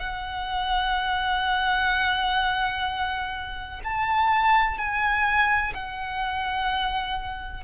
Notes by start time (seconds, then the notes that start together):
0.00 F#5
3.84 A5
4.78 G#5
5.74 F#5